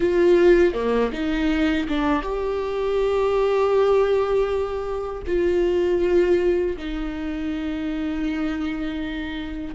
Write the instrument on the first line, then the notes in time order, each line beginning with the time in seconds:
viola
0.00 F4
0.73 A#3
1.12 D#4
1.88 D4
2.22 G4
5.26 F4
6.77 D#4